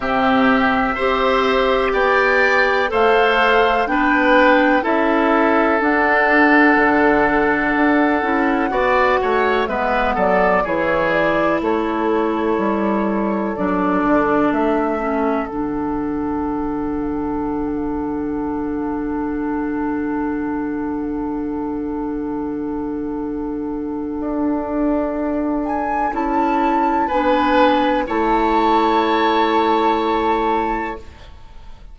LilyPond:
<<
  \new Staff \with { instrumentName = "flute" } { \time 4/4 \tempo 4 = 62 e''2 g''4 f''4 | g''4 e''4 fis''2~ | fis''2 e''8 d''8 cis''8 d''8 | cis''2 d''4 e''4 |
fis''1~ | fis''1~ | fis''2~ fis''8 gis''8 a''4 | gis''4 a''2. | }
  \new Staff \with { instrumentName = "oboe" } { \time 4/4 g'4 c''4 d''4 c''4 | b'4 a'2.~ | a'4 d''8 cis''8 b'8 a'8 gis'4 | a'1~ |
a'1~ | a'1~ | a'1 | b'4 cis''2. | }
  \new Staff \with { instrumentName = "clarinet" } { \time 4/4 c'4 g'2 a'4 | d'4 e'4 d'2~ | d'8 e'8 fis'4 b4 e'4~ | e'2 d'4. cis'8 |
d'1~ | d'1~ | d'2. e'4 | d'4 e'2. | }
  \new Staff \with { instrumentName = "bassoon" } { \time 4/4 c4 c'4 b4 a4 | b4 cis'4 d'4 d4 | d'8 cis'8 b8 a8 gis8 fis8 e4 | a4 g4 fis8 d8 a4 |
d1~ | d1~ | d4 d'2 cis'4 | b4 a2. | }
>>